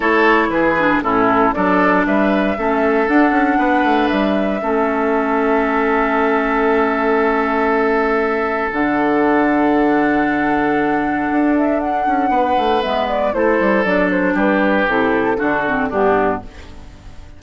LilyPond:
<<
  \new Staff \with { instrumentName = "flute" } { \time 4/4 \tempo 4 = 117 cis''4 b'4 a'4 d''4 | e''2 fis''2 | e''1~ | e''1~ |
e''4 fis''2.~ | fis''2~ fis''8 e''8 fis''4~ | fis''4 e''8 d''8 c''4 d''8 c''8 | b'4 a'2 g'4 | }
  \new Staff \with { instrumentName = "oboe" } { \time 4/4 a'4 gis'4 e'4 a'4 | b'4 a'2 b'4~ | b'4 a'2.~ | a'1~ |
a'1~ | a'1 | b'2 a'2 | g'2 fis'4 d'4 | }
  \new Staff \with { instrumentName = "clarinet" } { \time 4/4 e'4. d'8 cis'4 d'4~ | d'4 cis'4 d'2~ | d'4 cis'2.~ | cis'1~ |
cis'4 d'2.~ | d'1~ | d'4 b4 e'4 d'4~ | d'4 e'4 d'8 c'8 b4 | }
  \new Staff \with { instrumentName = "bassoon" } { \time 4/4 a4 e4 a,4 fis4 | g4 a4 d'8 cis'8 b8 a8 | g4 a2.~ | a1~ |
a4 d2.~ | d2 d'4. cis'8 | b8 a8 gis4 a8 g8 fis4 | g4 c4 d4 g,4 | }
>>